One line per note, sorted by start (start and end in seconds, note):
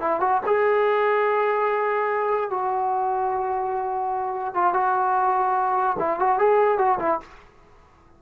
0.00 0.20 E4
0.20 0.41 F#4
0.46 2.50 G#4
2.50 4.54 F#4
4.54 4.73 F4
4.73 5.97 F#4
5.99 6.19 E4
6.19 6.39 F#4
6.39 6.78 G#4
6.78 6.99 F#4
6.99 7.20 E4